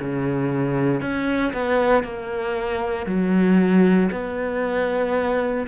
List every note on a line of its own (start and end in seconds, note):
0.00 1.01 C#3
1.01 1.53 C#4
1.53 2.03 B3
2.03 3.06 A#3
3.06 4.10 F#3
4.11 5.67 B3